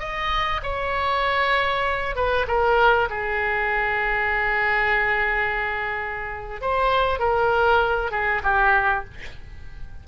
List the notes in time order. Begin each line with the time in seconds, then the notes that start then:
0.00 D#5
0.63 C#5
2.16 B4
2.48 A#4
3.10 G#4
6.62 C5
7.20 A#4
8.11 G#4
8.43 G4